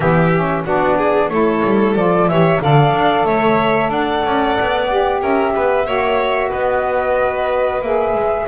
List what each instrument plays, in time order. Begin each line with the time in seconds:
0.00 double bass E3, saxophone B3, violin G4, flute E5
0.35 saxophone C#4
0.64 double bass B3, saxophone D4, violin F#4, flute D5
0.97 violin G#4
1.29 double bass A3, saxophone E4, violin A4, flute C#5
1.64 double bass G3
1.95 double bass F3, saxophone F4, flute D5
2.27 double bass E3, saxophone G4, violin C#5, flute E5
2.60 double bass D3, saxophone A4, violin D5, flute F5
2.93 double bass D4
3.24 double bass A3, violin C#5, flute E5
3.89 double bass D4, violin D5, flute F#5
4.25 double bass C#4
4.59 double bass B3
4.88 saxophone G4
5.20 double bass C#4, violin A#4, flute E5
5.55 double bass B3, violin B4
5.85 double bass A#3, saxophone F#4, violin C#5
6.49 double bass B3, violin B4, flute D#5
7.81 double bass A#3, saxophone G#4, flute E5
8.14 double bass G#3